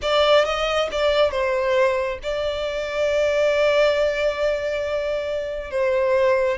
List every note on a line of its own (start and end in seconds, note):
0.02 0.45 D5
0.45 0.88 D#5
0.91 1.31 D5
1.31 2.18 C5
2.23 5.71 D5
5.71 6.57 C5